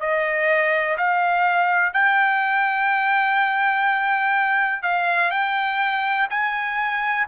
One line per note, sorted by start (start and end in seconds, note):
0.00 0.97 D#5
0.98 1.94 F5
1.94 4.83 G5
4.83 5.31 F5
5.31 6.28 G5
6.30 7.27 G#5